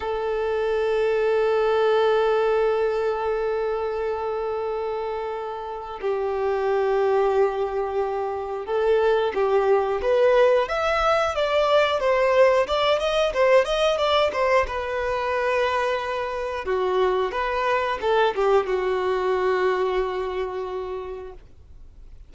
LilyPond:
\new Staff \with { instrumentName = "violin" } { \time 4/4 \tempo 4 = 90 a'1~ | a'1~ | a'4 g'2.~ | g'4 a'4 g'4 b'4 |
e''4 d''4 c''4 d''8 dis''8 | c''8 dis''8 d''8 c''8 b'2~ | b'4 fis'4 b'4 a'8 g'8 | fis'1 | }